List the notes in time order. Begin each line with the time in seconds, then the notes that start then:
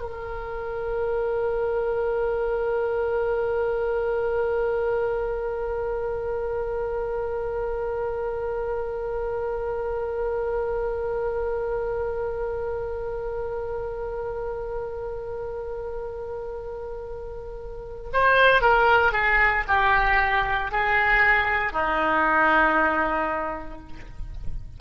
0.00 A#4
18.13 C5
18.61 A#4
19.12 G#4
19.68 G4
20.72 G#4
21.73 D#4